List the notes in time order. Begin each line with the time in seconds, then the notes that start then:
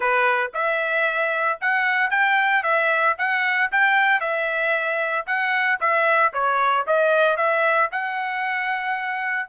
0.00 B4
0.54 E5
1.61 F#5
2.10 G5
2.63 E5
3.18 F#5
3.71 G5
4.20 E5
5.26 F#5
5.80 E5
6.33 C#5
6.86 D#5
7.37 E5
7.91 F#5